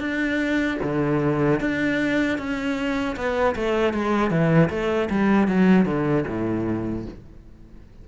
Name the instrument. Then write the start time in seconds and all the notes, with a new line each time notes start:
cello
0.00 D4
0.83 D3
1.60 D4
2.38 C#4
3.16 B3
3.56 A3
3.94 G#3
4.31 E3
4.70 A3
5.10 G3
5.48 F#3
5.86 D3
6.28 A2